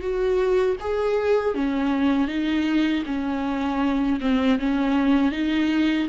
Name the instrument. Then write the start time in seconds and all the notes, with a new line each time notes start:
viola
0.00 F#4
0.80 G#4
1.54 C#4
2.27 D#4
3.06 C#4
4.20 C4
4.58 C#4
5.31 D#4